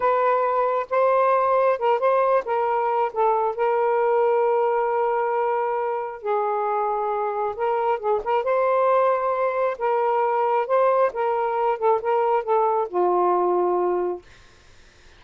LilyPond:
\new Staff \with { instrumentName = "saxophone" } { \time 4/4 \tempo 4 = 135 b'2 c''2 | ais'8 c''4 ais'4. a'4 | ais'1~ | ais'2 gis'2~ |
gis'4 ais'4 gis'8 ais'8 c''4~ | c''2 ais'2 | c''4 ais'4. a'8 ais'4 | a'4 f'2. | }